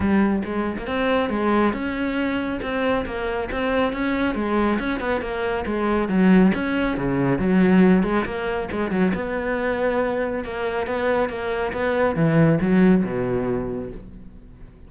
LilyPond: \new Staff \with { instrumentName = "cello" } { \time 4/4 \tempo 4 = 138 g4 gis8. ais16 c'4 gis4 | cis'2 c'4 ais4 | c'4 cis'4 gis4 cis'8 b8 | ais4 gis4 fis4 cis'4 |
cis4 fis4. gis8 ais4 | gis8 fis8 b2. | ais4 b4 ais4 b4 | e4 fis4 b,2 | }